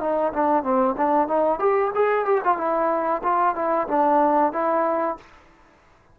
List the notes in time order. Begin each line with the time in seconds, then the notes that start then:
0.00 D#4
0.33 D4
0.63 C4
0.97 D4
1.27 D#4
1.59 G4
1.94 G#4
2.25 G4
2.44 F4
2.57 E4
3.23 F4
3.55 E4
3.88 D4
4.52 E4